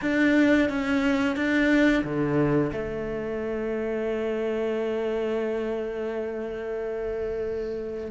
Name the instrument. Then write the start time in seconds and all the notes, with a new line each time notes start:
cello
0.01 D4
0.69 C#4
1.35 D4
2.04 D3
2.72 A3